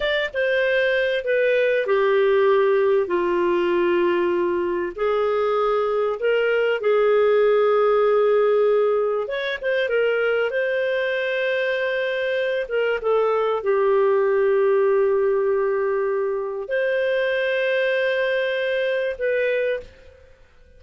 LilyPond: \new Staff \with { instrumentName = "clarinet" } { \time 4/4 \tempo 4 = 97 d''8 c''4. b'4 g'4~ | g'4 f'2. | gis'2 ais'4 gis'4~ | gis'2. cis''8 c''8 |
ais'4 c''2.~ | c''8 ais'8 a'4 g'2~ | g'2. c''4~ | c''2. b'4 | }